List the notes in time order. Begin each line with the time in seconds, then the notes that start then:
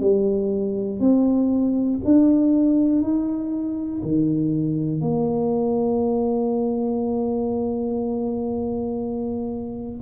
0.00 G3
1.00 C4
2.05 D4
3.01 D#4
4.02 D#3
5.01 A#3